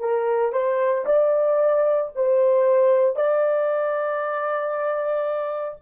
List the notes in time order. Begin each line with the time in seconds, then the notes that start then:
0.00 A#4
0.53 C5
1.06 D5
2.15 C5
3.16 D5